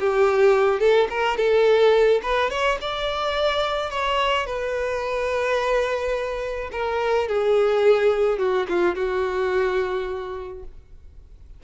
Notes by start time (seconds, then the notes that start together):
0.00 G4
0.80 A4
1.10 A#4
1.37 A4
2.23 B4
2.51 C#5
2.81 D5
3.90 C#5
4.46 B4
6.72 A#4
7.28 G#4
8.39 F#4
8.69 F4
8.96 F#4